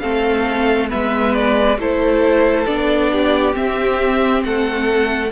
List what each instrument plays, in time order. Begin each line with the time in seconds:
0.00 cello A3, viola C4, violin A4 F5
0.89 cello G#3, viola B3, violin B4 E5
1.35 violin D5
1.78 cello A3, viola E4, violin A4 C5
2.67 cello B3, viola D4, violin D5
3.12 violin G4
3.53 viola C4, cello C4, violin E5
4.44 cello A3, violin A4 F#5